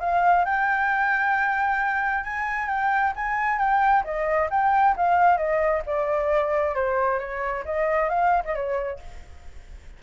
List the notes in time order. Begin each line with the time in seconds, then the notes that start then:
0.00 F5
0.45 G5
2.24 G#5
2.68 G5
3.16 G#5
3.59 G5
4.04 D#5
4.51 G5
4.97 F5
5.37 D#5
5.86 D5
6.75 C5
7.19 C#5
7.65 D#5
8.09 F5
8.45 D#5
8.55 C#5